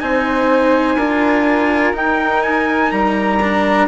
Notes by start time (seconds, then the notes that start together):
0.00 C4 D#4 C5 G#5
0.96 D4 F4 A#4
1.93 D#4 G5
2.43 G#5
2.91 G3 A#5
3.43 D4